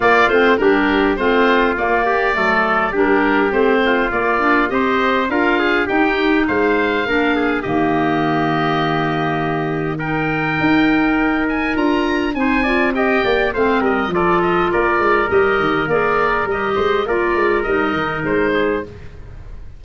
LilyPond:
<<
  \new Staff \with { instrumentName = "oboe" } { \time 4/4 \tempo 4 = 102 d''8 c''8 ais'4 c''4 d''4~ | d''4 ais'4 c''4 d''4 | dis''4 f''4 g''4 f''4~ | f''4 dis''2.~ |
dis''4 g''2~ g''8 gis''8 | ais''4 gis''4 g''4 f''8 dis''8 | d''8 dis''8 d''4 dis''4 d''4 | dis''4 d''4 dis''4 c''4 | }
  \new Staff \with { instrumentName = "trumpet" } { \time 4/4 f'4 g'4 f'4. g'8 | a'4 g'4. f'4. | c''4 ais'8 gis'8 g'4 c''4 | ais'8 gis'8 g'2.~ |
g'4 ais'2.~ | ais'4 c''8 d''8 dis''8 d''8 c''8 ais'8 | a'4 ais'2.~ | ais'8 c''8 ais'2~ ais'8 gis'8 | }
  \new Staff \with { instrumentName = "clarinet" } { \time 4/4 ais8 c'8 d'4 c'4 ais4 | a4 d'4 c'4 ais8 d'8 | g'4 f'4 dis'2 | d'4 ais2.~ |
ais4 dis'2. | f'4 dis'8 f'8 g'4 c'4 | f'2 g'4 gis'4 | g'4 f'4 dis'2 | }
  \new Staff \with { instrumentName = "tuba" } { \time 4/4 ais8 a8 g4 a4 ais4 | fis4 g4 a4 ais4 | c'4 d'4 dis'4 gis4 | ais4 dis2.~ |
dis2 dis'2 | d'4 c'4. ais8 a8 g8 | f4 ais8 gis8 g8 dis8 ais4 | g8 gis8 ais8 gis8 g8 dis8 gis4 | }
>>